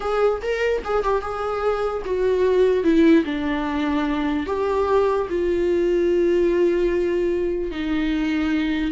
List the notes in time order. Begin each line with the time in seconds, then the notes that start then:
0.00 G#4
0.41 A#4
0.84 G#4
1.03 G4
1.21 G#4
2.05 F#4
2.83 E4
3.24 D4
4.46 G4
5.29 F4
7.71 D#4